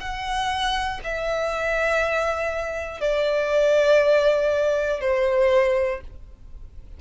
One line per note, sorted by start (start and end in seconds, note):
0.00 1.00 F#5
1.04 3.00 E5
3.00 5.00 D5
5.00 6.00 C5